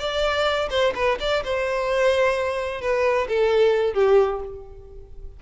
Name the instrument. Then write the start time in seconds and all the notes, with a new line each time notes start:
violin
0.00 D5
0.70 C5
0.95 B4
1.20 D5
1.45 C5
2.82 B4
3.29 A4
3.94 G4